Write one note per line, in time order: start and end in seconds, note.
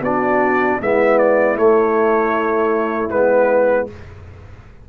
0.00 0.77 B3
0.00 0.81 D4
0.00 0.80 F#4
0.00 0.80 D5
0.80 1.57 G#3
0.80 1.55 B3
0.80 3.88 E4
0.80 1.18 E5
1.18 1.56 D5
1.55 3.09 A3
1.55 3.11 A3
1.55 3.09 C#5
3.09 3.88 G#3
3.09 3.87 B3
3.09 3.86 B4